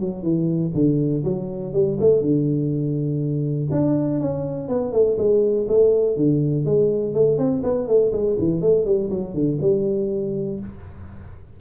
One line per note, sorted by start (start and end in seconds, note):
0.00 0.23 F#3
0.23 0.72 E3
0.74 1.24 D3
1.24 1.73 F#3
1.73 1.98 G3
2.00 2.22 A3
2.22 3.69 D3
3.72 4.20 D4
4.20 4.68 C#4
4.68 4.93 B3
4.93 5.17 A3
5.18 5.67 G#3
5.68 6.17 A3
6.17 6.65 D3
6.65 7.14 G#3
7.14 7.38 A3
7.38 7.63 C4
7.63 7.88 B3
7.88 8.12 A3
8.12 8.37 G#3
8.39 8.61 E3
8.61 8.85 A3
8.85 9.10 G3
9.10 9.34 F#3
9.34 9.59 D3
9.61 10.60 G3